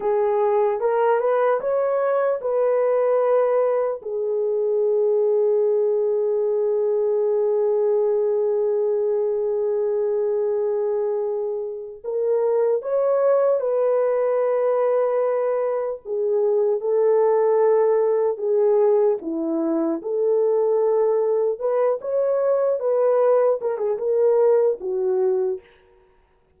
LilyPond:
\new Staff \with { instrumentName = "horn" } { \time 4/4 \tempo 4 = 75 gis'4 ais'8 b'8 cis''4 b'4~ | b'4 gis'2.~ | gis'1~ | gis'2. ais'4 |
cis''4 b'2. | gis'4 a'2 gis'4 | e'4 a'2 b'8 cis''8~ | cis''8 b'4 ais'16 gis'16 ais'4 fis'4 | }